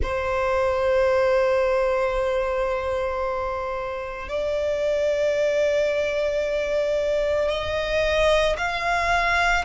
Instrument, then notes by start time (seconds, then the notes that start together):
violin
0.02 C5
4.28 D5
7.49 D#5
8.57 F5